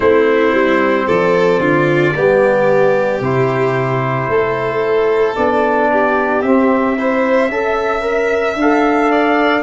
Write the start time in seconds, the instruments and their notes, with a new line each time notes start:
0.00 tuba A3, trombone C4, violin E4, trumpet C5
0.53 tuba G3
1.06 tuba F3, violin A4, trumpet D5
1.59 tuba D3, violin F4
2.15 tuba G3, trombone B3, violin G4
3.20 tuba C3, trombone E4, trumpet C5
4.28 tuba A3, violin A4
5.35 tuba B3, trombone D4, trumpet D5
5.91 violin G4
6.42 tuba C4, trombone C4, trumpet E5
6.96 trombone E4, violin C5
7.49 tuba C#4, trombone A4, violin E5
8.01 trombone A#4
8.55 tuba D4, trumpet F5
8.61 trombone A4
9.11 violin D5